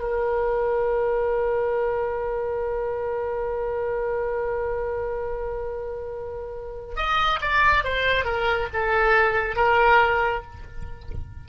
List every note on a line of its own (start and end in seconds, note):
0.00 6.96 A#4
6.96 7.40 D#5
7.41 7.84 D5
7.84 8.25 C5
8.25 8.68 A#4
8.74 9.56 A4
9.56 10.43 A#4